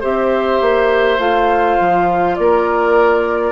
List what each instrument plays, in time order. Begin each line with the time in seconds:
0.00 bassoon C4, clarinet G4, oboe C5, flute E5
0.61 bassoon A#3
1.18 bassoon A3, clarinet F4, flute F5
1.80 bassoon F3
2.36 bassoon A#3, oboe A#4, flute D5